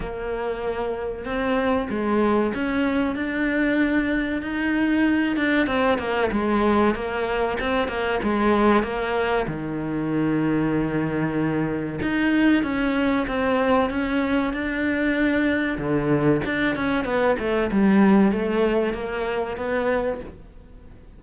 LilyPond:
\new Staff \with { instrumentName = "cello" } { \time 4/4 \tempo 4 = 95 ais2 c'4 gis4 | cis'4 d'2 dis'4~ | dis'8 d'8 c'8 ais8 gis4 ais4 | c'8 ais8 gis4 ais4 dis4~ |
dis2. dis'4 | cis'4 c'4 cis'4 d'4~ | d'4 d4 d'8 cis'8 b8 a8 | g4 a4 ais4 b4 | }